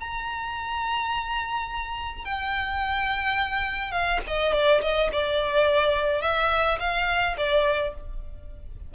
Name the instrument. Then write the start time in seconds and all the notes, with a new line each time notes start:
violin
0.00 A#5
2.25 G5
3.92 F5
4.27 D#5
4.53 D5
4.82 D#5
5.13 D5
6.22 E5
6.80 F5
7.37 D5